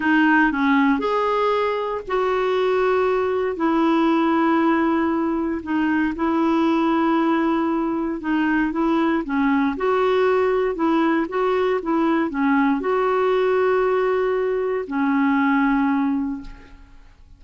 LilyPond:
\new Staff \with { instrumentName = "clarinet" } { \time 4/4 \tempo 4 = 117 dis'4 cis'4 gis'2 | fis'2. e'4~ | e'2. dis'4 | e'1 |
dis'4 e'4 cis'4 fis'4~ | fis'4 e'4 fis'4 e'4 | cis'4 fis'2.~ | fis'4 cis'2. | }